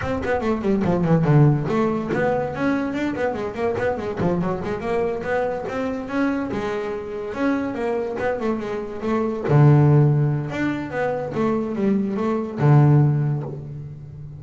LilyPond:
\new Staff \with { instrumentName = "double bass" } { \time 4/4 \tempo 4 = 143 c'8 b8 a8 g8 f8 e8 d4 | a4 b4 cis'4 d'8 b8 | gis8 ais8 b8 gis8 f8 fis8 gis8 ais8~ | ais8 b4 c'4 cis'4 gis8~ |
gis4. cis'4 ais4 b8 | a8 gis4 a4 d4.~ | d4 d'4 b4 a4 | g4 a4 d2 | }